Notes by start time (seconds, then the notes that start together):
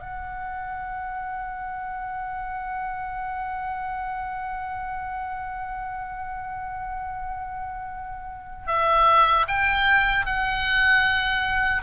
0.00 F#5
8.67 E5
9.48 G5
10.26 F#5